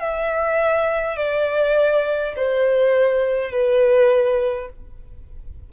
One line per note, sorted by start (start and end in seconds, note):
0.00 1.17 E5
1.17 2.35 D5
2.36 3.52 C5
3.52 4.70 B4